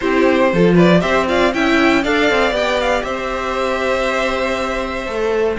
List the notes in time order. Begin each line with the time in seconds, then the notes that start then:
0.00 C4 E4 G4 C5
0.52 F3 F4 A4
0.74 B4 D5
1.00 C4 G4 C5 E5
1.27 F4 D5 F5
1.53 C#4 E4 E5 G5
2.03 D4 A4 D5 F5
2.30 C4
2.51 B3 G4 G5
2.80 F5
3.02 C4 C5 E5
5.06 A3 A4